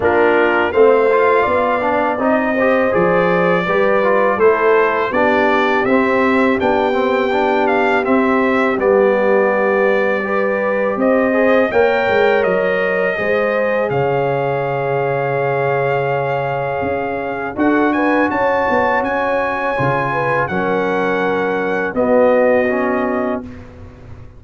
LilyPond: <<
  \new Staff \with { instrumentName = "trumpet" } { \time 4/4 \tempo 4 = 82 ais'4 f''2 dis''4 | d''2 c''4 d''4 | e''4 g''4. f''8 e''4 | d''2. dis''4 |
g''4 dis''2 f''4~ | f''1 | fis''8 gis''8 a''4 gis''2 | fis''2 dis''2 | }
  \new Staff \with { instrumentName = "horn" } { \time 4/4 f'4 c''4 d''4. c''8~ | c''4 b'4 a'4 g'4~ | g'1~ | g'2 b'4 c''4 |
cis''2 c''4 cis''4~ | cis''1 | a'8 b'8 cis''2~ cis''8 b'8 | ais'2 fis'2 | }
  \new Staff \with { instrumentName = "trombone" } { \time 4/4 d'4 c'8 f'4 d'8 dis'8 g'8 | gis'4 g'8 f'8 e'4 d'4 | c'4 d'8 c'8 d'4 c'4 | b2 g'4. gis'8 |
ais'2 gis'2~ | gis'1 | fis'2. f'4 | cis'2 b4 cis'4 | }
  \new Staff \with { instrumentName = "tuba" } { \time 4/4 ais4 a4 b4 c'4 | f4 g4 a4 b4 | c'4 b2 c'4 | g2. c'4 |
ais8 gis8 fis4 gis4 cis4~ | cis2. cis'4 | d'4 cis'8 b8 cis'4 cis4 | fis2 b2 | }
>>